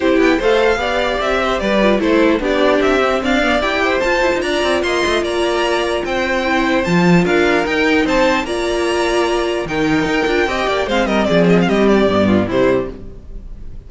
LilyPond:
<<
  \new Staff \with { instrumentName = "violin" } { \time 4/4 \tempo 4 = 149 c''8 g''8 f''2 e''4 | d''4 c''4 d''4 e''4 | f''4 g''4 a''4 ais''4 | c'''4 ais''2 g''4~ |
g''4 a''4 f''4 g''4 | a''4 ais''2. | g''2. f''8 dis''8 | d''8 dis''16 f''16 dis''8 d''4. c''4 | }
  \new Staff \with { instrumentName = "violin" } { \time 4/4 g'4 c''4 d''4. c''8 | b'4 a'4 g'2 | d''4. c''4. d''4 | dis''4 d''2 c''4~ |
c''2 ais'2 | c''4 d''2. | ais'2 dis''8 d''8 c''8 ais'8 | gis'4 g'4. f'8 e'4 | }
  \new Staff \with { instrumentName = "viola" } { \time 4/4 e'4 a'4 g'2~ | g'8 f'8 e'4 d'4. c'8~ | c'8 b8 g'4 f'2~ | f'1 |
e'4 f'2 dis'4~ | dis'4 f'2. | dis'4. f'8 g'4 c'4~ | c'2 b4 g4 | }
  \new Staff \with { instrumentName = "cello" } { \time 4/4 c'8 b8 a4 b4 c'4 | g4 a4 b4 c'4 | d'4 e'4 f'8 e'16 dis'16 d'8 c'8 | ais8 a8 ais2 c'4~ |
c'4 f4 d'4 dis'4 | c'4 ais2. | dis4 dis'8 d'8 c'8 ais8 gis8 g8 | f4 g4 g,4 c4 | }
>>